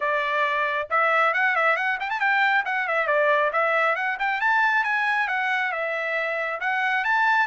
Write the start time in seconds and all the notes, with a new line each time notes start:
0.00 D5
0.89 E5
1.33 F#5
1.55 E5
1.76 F#5
2.00 G5
2.10 A5
2.20 G5
2.65 F#5
2.87 E5
3.07 D5
3.52 E5
3.95 F#5
4.19 G5
4.40 A5
4.83 G#5
5.27 F#5
5.71 E5
6.60 F#5
7.04 A5